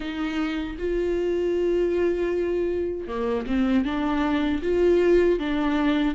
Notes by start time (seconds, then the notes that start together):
0.00 D#4
0.78 F4
3.07 A#3
3.47 C4
3.84 D4
4.62 F4
5.39 D4